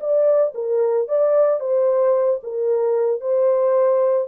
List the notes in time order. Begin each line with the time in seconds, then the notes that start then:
0.00 D5
0.55 A#4
1.08 D5
1.60 C5
2.43 A#4
3.21 C5